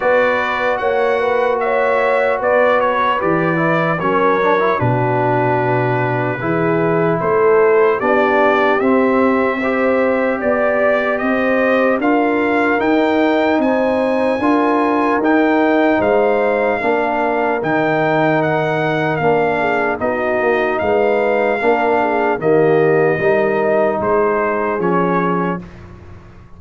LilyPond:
<<
  \new Staff \with { instrumentName = "trumpet" } { \time 4/4 \tempo 4 = 75 d''4 fis''4 e''4 d''8 cis''8 | d''4 cis''4 b'2~ | b'4 c''4 d''4 e''4~ | e''4 d''4 dis''4 f''4 |
g''4 gis''2 g''4 | f''2 g''4 fis''4 | f''4 dis''4 f''2 | dis''2 c''4 cis''4 | }
  \new Staff \with { instrumentName = "horn" } { \time 4/4 b'4 cis''8 b'8 cis''4 b'4~ | b'4 ais'4 fis'2 | gis'4 a'4 g'2 | c''4 d''4 c''4 ais'4~ |
ais'4 c''4 ais'2 | c''4 ais'2.~ | ais'8 gis'8 fis'4 b'4 ais'8 gis'8 | g'4 ais'4 gis'2 | }
  \new Staff \with { instrumentName = "trombone" } { \time 4/4 fis'1 | g'8 e'8 cis'8 d'16 e'16 d'2 | e'2 d'4 c'4 | g'2. f'4 |
dis'2 f'4 dis'4~ | dis'4 d'4 dis'2 | d'4 dis'2 d'4 | ais4 dis'2 cis'4 | }
  \new Staff \with { instrumentName = "tuba" } { \time 4/4 b4 ais2 b4 | e4 fis4 b,2 | e4 a4 b4 c'4~ | c'4 b4 c'4 d'4 |
dis'4 c'4 d'4 dis'4 | gis4 ais4 dis2 | ais4 b8 ais8 gis4 ais4 | dis4 g4 gis4 f4 | }
>>